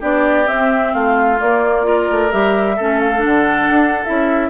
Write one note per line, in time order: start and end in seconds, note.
0.00 0.48 B3
0.00 0.46 D4
0.00 0.92 G4
0.00 0.48 D5
0.46 1.38 C4
0.46 0.94 C4
0.46 0.94 E5
0.94 1.40 A3
0.94 1.86 F4
0.94 1.40 F5
1.38 1.83 A#3
1.38 2.10 A#3
1.38 2.32 D5
1.83 2.29 F4
1.83 2.76 A#4
2.10 2.33 A3
2.31 2.79 G3
2.31 2.77 G4
2.31 3.00 E5
2.76 3.25 A3
2.76 3.14 C#4
2.76 4.49 A4
3.00 3.23 F5
3.18 4.05 D4
3.24 3.70 D3
3.24 4.05 F#5
3.70 4.04 D4
4.05 4.50 C#4
4.05 4.50 E4
4.05 4.50 E5